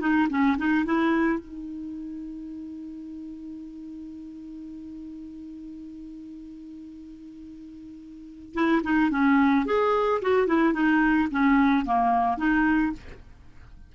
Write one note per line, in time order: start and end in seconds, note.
0.00 0.28 D#4
0.29 0.57 C#4
0.58 0.85 D#4
0.85 1.39 E4
1.39 8.54 D#4
8.54 8.81 E4
8.83 9.10 D#4
9.10 9.65 C#4
9.66 10.21 G#4
10.22 10.47 F#4
10.47 10.73 E4
10.73 11.28 D#4
11.31 11.85 C#4
11.85 12.37 A#3
12.37 12.92 D#4